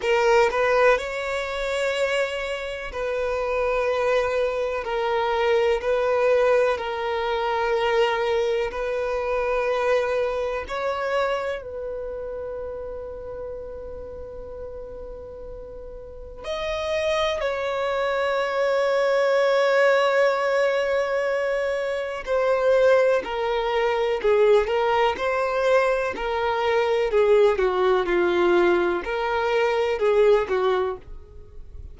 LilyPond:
\new Staff \with { instrumentName = "violin" } { \time 4/4 \tempo 4 = 62 ais'8 b'8 cis''2 b'4~ | b'4 ais'4 b'4 ais'4~ | ais'4 b'2 cis''4 | b'1~ |
b'4 dis''4 cis''2~ | cis''2. c''4 | ais'4 gis'8 ais'8 c''4 ais'4 | gis'8 fis'8 f'4 ais'4 gis'8 fis'8 | }